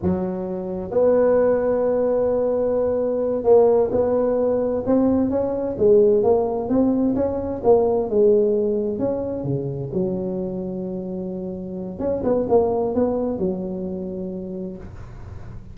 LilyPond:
\new Staff \with { instrumentName = "tuba" } { \time 4/4 \tempo 4 = 130 fis2 b2~ | b2.~ b8 ais8~ | ais8 b2 c'4 cis'8~ | cis'8 gis4 ais4 c'4 cis'8~ |
cis'8 ais4 gis2 cis'8~ | cis'8 cis4 fis2~ fis8~ | fis2 cis'8 b8 ais4 | b4 fis2. | }